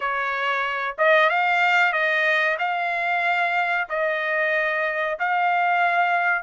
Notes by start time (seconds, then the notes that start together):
0.00 C#5
0.98 D#5
1.29 F5
1.92 D#5
2.58 F5
3.89 D#5
5.19 F5